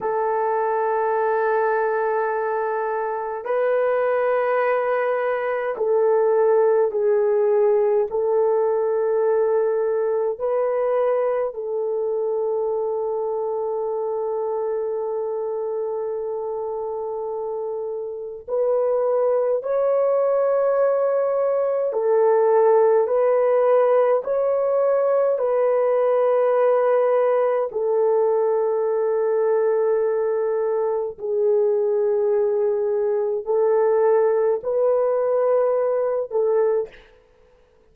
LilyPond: \new Staff \with { instrumentName = "horn" } { \time 4/4 \tempo 4 = 52 a'2. b'4~ | b'4 a'4 gis'4 a'4~ | a'4 b'4 a'2~ | a'1 |
b'4 cis''2 a'4 | b'4 cis''4 b'2 | a'2. gis'4~ | gis'4 a'4 b'4. a'8 | }